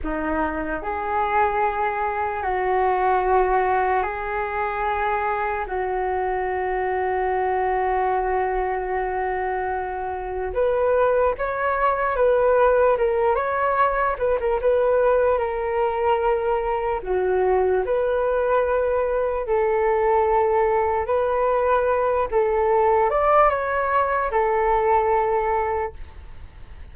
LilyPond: \new Staff \with { instrumentName = "flute" } { \time 4/4 \tempo 4 = 74 dis'4 gis'2 fis'4~ | fis'4 gis'2 fis'4~ | fis'1~ | fis'4 b'4 cis''4 b'4 |
ais'8 cis''4 b'16 ais'16 b'4 ais'4~ | ais'4 fis'4 b'2 | a'2 b'4. a'8~ | a'8 d''8 cis''4 a'2 | }